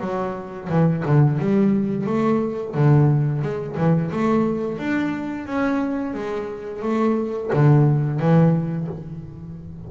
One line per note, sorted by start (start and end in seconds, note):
0.00 0.68 F#3
0.69 1.03 E3
1.05 1.39 D3
1.39 2.06 G3
2.06 2.74 A3
2.74 3.42 D3
3.42 3.76 G#3
3.77 4.11 E3
4.11 4.78 A3
4.78 5.45 D4
5.45 6.14 C#4
6.14 6.82 G#3
6.82 7.50 A3
7.53 8.19 D3
8.19 8.87 E3